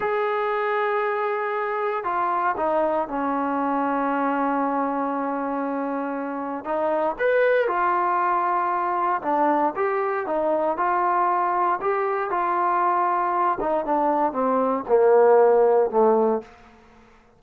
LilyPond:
\new Staff \with { instrumentName = "trombone" } { \time 4/4 \tempo 4 = 117 gis'1 | f'4 dis'4 cis'2~ | cis'1~ | cis'4 dis'4 b'4 f'4~ |
f'2 d'4 g'4 | dis'4 f'2 g'4 | f'2~ f'8 dis'8 d'4 | c'4 ais2 a4 | }